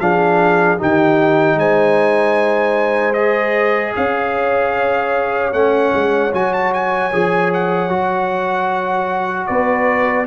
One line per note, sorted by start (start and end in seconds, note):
0.00 0.79 F3
0.00 0.78 D4
0.00 0.78 G#4
0.00 0.79 F5
0.78 1.55 D#3
0.78 3.15 D#4
0.78 1.57 G4
0.78 1.59 G5
1.55 3.92 G#3
1.55 3.96 C5
1.55 3.14 G#5
3.14 5.52 G#4
3.14 3.93 D#5
3.96 5.53 C#4
3.96 9.49 C#5
3.96 5.53 F5
5.53 5.93 A3
5.53 6.32 C#4
5.53 6.32 F#5
5.94 6.33 G#3
6.33 7.13 F#3
6.33 7.12 F#4
6.33 6.53 G#5
6.53 6.73 A5
6.74 7.53 G#5
7.13 7.90 F3
7.13 7.90 G#4
7.54 9.47 F#5
7.90 9.48 F#3
7.90 10.26 F#4
9.47 10.27 B3
9.47 10.27 B4
9.47 10.26 D5